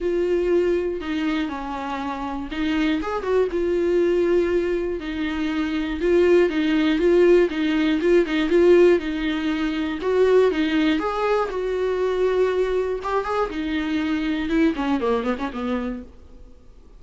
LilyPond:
\new Staff \with { instrumentName = "viola" } { \time 4/4 \tempo 4 = 120 f'2 dis'4 cis'4~ | cis'4 dis'4 gis'8 fis'8 f'4~ | f'2 dis'2 | f'4 dis'4 f'4 dis'4 |
f'8 dis'8 f'4 dis'2 | fis'4 dis'4 gis'4 fis'4~ | fis'2 g'8 gis'8 dis'4~ | dis'4 e'8 cis'8 ais8 b16 cis'16 b4 | }